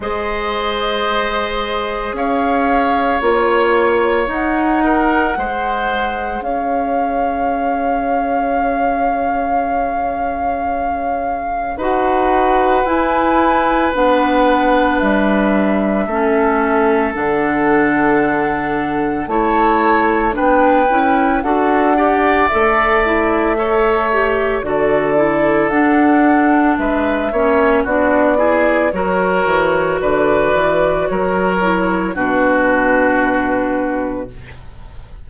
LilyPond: <<
  \new Staff \with { instrumentName = "flute" } { \time 4/4 \tempo 4 = 56 dis''2 f''4 cis''4 | fis''2 f''2~ | f''2. fis''4 | gis''4 fis''4 e''2 |
fis''2 a''4 g''4 | fis''4 e''2 d''4 | fis''4 e''4 d''4 cis''4 | d''4 cis''4 b'2 | }
  \new Staff \with { instrumentName = "oboe" } { \time 4/4 c''2 cis''2~ | cis''8 ais'8 c''4 cis''2~ | cis''2. b'4~ | b'2. a'4~ |
a'2 cis''4 b'4 | a'8 d''4. cis''4 a'4~ | a'4 b'8 cis''8 fis'8 gis'8 ais'4 | b'4 ais'4 fis'2 | }
  \new Staff \with { instrumentName = "clarinet" } { \time 4/4 gis'2. f'4 | dis'4 gis'2.~ | gis'2. fis'4 | e'4 d'2 cis'4 |
d'2 e'4 d'8 e'8 | fis'8 g'8 a'8 e'8 a'8 g'8 fis'8 e'8 | d'4. cis'8 d'8 e'8 fis'4~ | fis'4. e'8 d'2 | }
  \new Staff \with { instrumentName = "bassoon" } { \time 4/4 gis2 cis'4 ais4 | dis'4 gis4 cis'2~ | cis'2. dis'4 | e'4 b4 g4 a4 |
d2 a4 b8 cis'8 | d'4 a2 d4 | d'4 gis8 ais8 b4 fis8 e8 | d8 e8 fis4 b,2 | }
>>